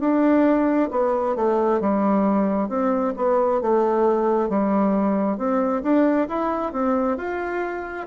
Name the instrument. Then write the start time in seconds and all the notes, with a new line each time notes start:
bassoon
0.00 D4
0.91 B3
1.36 A3
1.80 G3
2.69 C4
3.17 B3
3.61 A3
4.49 G3
5.37 C4
5.83 D4
6.28 E4
6.72 C4
7.17 F4